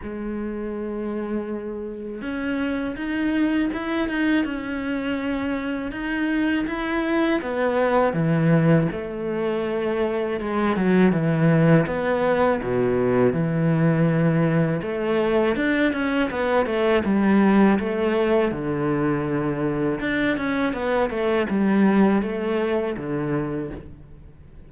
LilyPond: \new Staff \with { instrumentName = "cello" } { \time 4/4 \tempo 4 = 81 gis2. cis'4 | dis'4 e'8 dis'8 cis'2 | dis'4 e'4 b4 e4 | a2 gis8 fis8 e4 |
b4 b,4 e2 | a4 d'8 cis'8 b8 a8 g4 | a4 d2 d'8 cis'8 | b8 a8 g4 a4 d4 | }